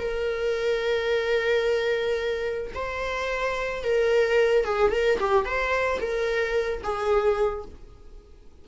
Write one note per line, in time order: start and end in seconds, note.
0.00 2.73 A#4
2.75 3.84 C5
3.84 4.65 A#4
4.65 4.92 G#4
4.92 5.19 A#4
5.20 5.45 G4
5.45 6.00 C5
6.01 6.83 A#4
6.84 7.66 G#4